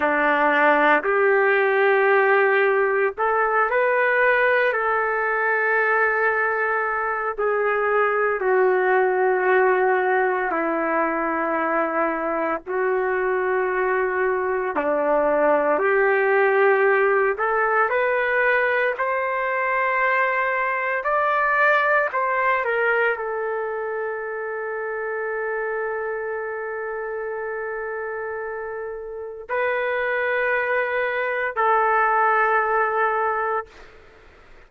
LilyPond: \new Staff \with { instrumentName = "trumpet" } { \time 4/4 \tempo 4 = 57 d'4 g'2 a'8 b'8~ | b'8 a'2~ a'8 gis'4 | fis'2 e'2 | fis'2 d'4 g'4~ |
g'8 a'8 b'4 c''2 | d''4 c''8 ais'8 a'2~ | a'1 | b'2 a'2 | }